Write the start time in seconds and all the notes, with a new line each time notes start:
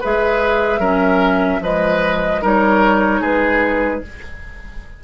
0.00 G#3 G#4 B4 E5
0.79 F#3 C#4 A#4
1.60 F3 G#3 B4 D#5
2.41 G3 D#4 A#4 C#5
3.20 G#3 G#4 B4